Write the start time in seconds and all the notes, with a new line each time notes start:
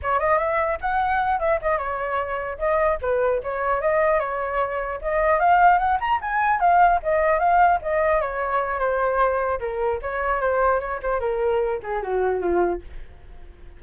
0.02 C#5
0.19 D#5
0.38 E5
0.81 F#5
1.39 E5
1.61 D#5
1.78 C#5
2.58 D#5
3.01 B4
3.43 C#5
3.81 D#5
4.19 C#5
5.01 D#5
5.39 F5
5.78 F#5
6.00 A#5
6.21 G#5
6.59 F5
7.02 D#5
7.39 F5
7.82 D#5
8.21 C#5
8.79 C5
9.59 A#4
10.01 C#5
10.40 C5
10.79 C#5
11.02 C5
11.20 A#4
11.83 G#4
12.02 F#4
12.41 F4